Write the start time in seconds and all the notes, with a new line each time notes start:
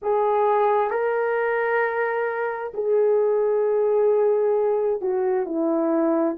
0.02 G#4
0.90 A#4
2.74 G#4
5.01 F#4
5.45 E4